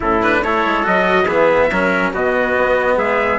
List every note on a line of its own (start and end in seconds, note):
0.00 0.43 A2
0.00 0.22 C#4
0.00 0.40 E4
0.00 0.22 A4
0.22 0.43 D4
0.22 0.43 B4
0.43 0.64 A3
0.43 0.82 E4
0.43 1.25 A4
0.43 0.85 C#5
0.65 0.86 G#3
0.82 1.25 F#3
0.82 1.25 F#4
0.82 1.27 D#5
1.25 1.68 E3
1.25 1.70 B3
1.25 1.68 G#4
1.25 2.12 E5
1.71 2.13 F#3
1.71 2.13 C#4
1.71 2.13 A#4
2.13 2.55 B2
2.13 3.39 B3
2.13 2.97 F#4
2.13 2.97 D#5
2.57 2.97 B3
2.97 3.39 G#3
2.97 3.39 G#4
2.97 3.39 E5